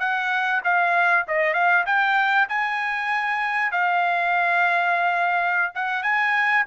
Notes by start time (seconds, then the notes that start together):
0.00 F#5
0.64 F5
1.28 D#5
1.54 F5
1.87 G5
2.49 G#5
3.72 F5
5.75 F#5
6.03 G#5